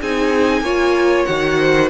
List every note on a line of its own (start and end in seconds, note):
0.00 0.61 C4
0.00 0.64 D#4
0.00 0.63 G#4
0.00 1.25 G#5
0.61 1.25 A#3
0.61 1.27 F4
0.61 1.59 C#5
1.25 1.89 D#3
1.25 1.89 F#4
1.25 1.88 F#5
1.59 1.89 C5